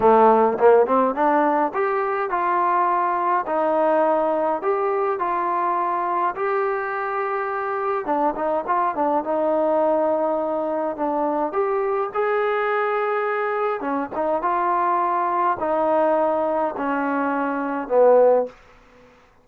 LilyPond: \new Staff \with { instrumentName = "trombone" } { \time 4/4 \tempo 4 = 104 a4 ais8 c'8 d'4 g'4 | f'2 dis'2 | g'4 f'2 g'4~ | g'2 d'8 dis'8 f'8 d'8 |
dis'2. d'4 | g'4 gis'2. | cis'8 dis'8 f'2 dis'4~ | dis'4 cis'2 b4 | }